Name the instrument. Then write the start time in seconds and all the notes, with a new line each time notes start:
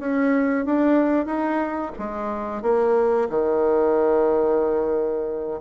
bassoon
0.00 C#4
0.66 D4
1.26 D#4
1.99 G#3
2.63 A#3
3.30 D#3